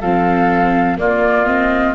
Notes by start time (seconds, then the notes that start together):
0.00 F3 C4 A4 F5
0.98 A#3 F4 D5
1.45 C4 D#5